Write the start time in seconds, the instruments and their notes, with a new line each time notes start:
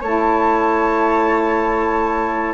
0.00 bassoon A3, saxophone E4, flute C#5 A5